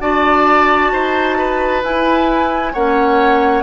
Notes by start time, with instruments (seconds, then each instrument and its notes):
0.00 bassoon D4, clarinet F#4, oboe D5, flute A5
0.92 bassoon D#4, oboe C5
1.38 oboe B4
1.83 clarinet E4, bassoon E4, flute G#5
2.73 bassoon A#3, clarinet C#4, oboe C#5, flute F#5